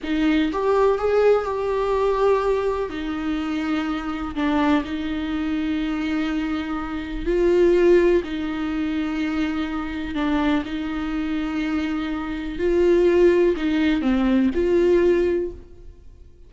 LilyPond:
\new Staff \with { instrumentName = "viola" } { \time 4/4 \tempo 4 = 124 dis'4 g'4 gis'4 g'4~ | g'2 dis'2~ | dis'4 d'4 dis'2~ | dis'2. f'4~ |
f'4 dis'2.~ | dis'4 d'4 dis'2~ | dis'2 f'2 | dis'4 c'4 f'2 | }